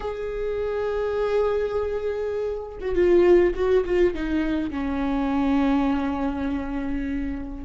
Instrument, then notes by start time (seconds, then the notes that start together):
viola
0.00 G#4
2.80 F#4
2.95 F4
3.55 F#4
3.85 F4
4.14 D#4
4.71 C#4